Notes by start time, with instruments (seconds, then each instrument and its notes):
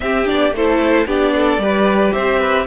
0.00 viola C4, cello C4, violin G4 E5
0.25 cello B3, viola D4, violin D5
0.51 cello A3, viola E4, violin A4 C5
1.05 cello B3, viola D4, violin G4 D5
1.35 violin A4
1.57 cello G3, viola G4, violin B4
2.12 cello C4, violin C5 E5
2.40 violin B4